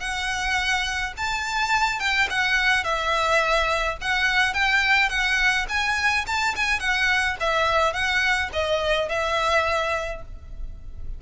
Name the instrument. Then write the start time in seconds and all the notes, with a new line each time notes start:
violin
0.00 F#5
1.17 A5
1.99 G5
2.30 F#5
2.84 E5
4.01 F#5
4.54 G5
5.09 F#5
5.69 G#5
6.27 A5
6.56 G#5
6.80 F#5
7.40 E5
7.93 F#5
8.53 D#5
9.09 E5